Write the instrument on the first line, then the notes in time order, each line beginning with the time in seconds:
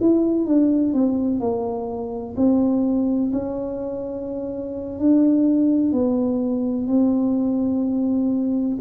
tuba
0.00 E4
0.46 D4
0.94 C4
1.40 A#3
2.37 C4
3.32 C#4
4.99 D4
5.92 B3
6.87 C4